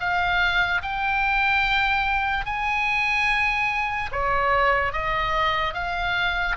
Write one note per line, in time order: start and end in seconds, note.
0.00 0.82 F5
0.83 2.46 G5
2.46 4.10 G#5
4.12 4.93 C#5
4.93 5.74 D#5
5.74 6.56 F5